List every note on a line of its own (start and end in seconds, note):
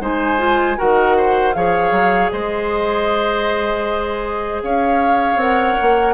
0.00 0.77 G#3
0.00 0.38 D#4
0.00 0.78 C5
0.00 0.79 G#5
0.38 0.76 F4
0.77 1.55 D#3
0.77 1.54 F#4
0.77 1.16 A#4
0.77 1.53 F#5
1.17 1.56 C5
1.53 1.92 F3
1.53 5.39 G#4
1.53 2.32 C#5
1.53 2.30 F5
1.92 2.30 F#3
2.31 4.63 G#3
2.31 4.63 C5
2.31 4.62 D#5
4.63 5.36 C#4
4.63 6.14 C#5
4.63 5.40 F5
5.36 5.74 C4
5.36 6.14 A#4
5.36 6.14 F#5
5.81 6.14 A#3